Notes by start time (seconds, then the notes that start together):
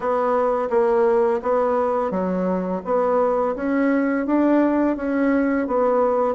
0.00 B3
0.69 A#3
1.42 B3
2.10 F#3
2.84 B3
3.55 C#4
4.26 D4
4.96 C#4
5.67 B3